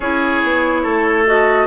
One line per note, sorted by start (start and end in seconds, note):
0.00 0.42 C#4
0.00 1.26 E4
0.00 0.82 G#4
0.00 1.26 C#5
0.43 0.85 B3
0.83 1.67 A3
0.83 1.67 A4
1.26 1.67 F#4
1.26 1.67 D#5